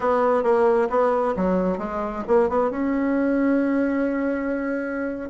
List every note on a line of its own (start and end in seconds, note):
0.00 0.43 B3
0.43 0.88 A#3
0.89 1.34 B3
1.36 1.78 F#3
1.78 2.23 G#3
2.27 2.49 A#3
2.49 2.70 B3
2.70 5.29 C#4